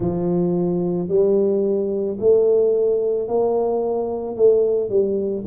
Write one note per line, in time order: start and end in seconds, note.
0.00 1.08 F3
1.08 2.17 G3
2.19 3.28 A3
3.28 4.36 A#3
4.36 4.89 A3
4.89 5.44 G3